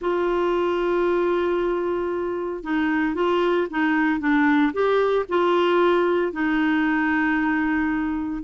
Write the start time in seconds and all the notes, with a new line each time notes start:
0.01 F4
2.63 D#4
3.14 F4
3.70 D#4
4.19 D4
4.73 G4
5.28 F4
6.32 D#4